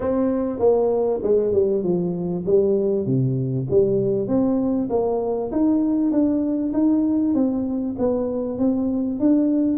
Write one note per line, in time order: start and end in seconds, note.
0.00 0.59 C4
0.59 1.20 A#3
1.22 1.52 G#3
1.52 1.83 G3
1.83 2.44 F3
2.46 3.06 G3
3.06 3.67 C3
3.70 4.27 G3
4.27 4.88 C4
4.89 5.50 A#3
5.51 6.11 D#4
6.11 6.72 D4
6.73 7.34 D#4
7.34 7.95 C4
7.98 8.58 B3
8.58 9.19 C4
9.19 9.77 D4